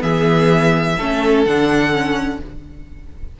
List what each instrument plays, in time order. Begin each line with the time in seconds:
0.00 cello E3, viola B3, violin G#4 E5
0.96 cello A3, viola C#4, violin A4
1.45 cello D3, viola D4, violin F#5
1.92 viola C#4